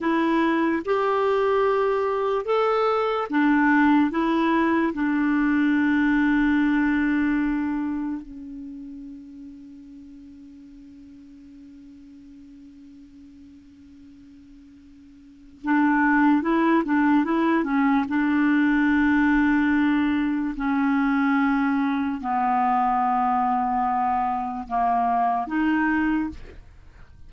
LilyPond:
\new Staff \with { instrumentName = "clarinet" } { \time 4/4 \tempo 4 = 73 e'4 g'2 a'4 | d'4 e'4 d'2~ | d'2 cis'2~ | cis'1~ |
cis'2. d'4 | e'8 d'8 e'8 cis'8 d'2~ | d'4 cis'2 b4~ | b2 ais4 dis'4 | }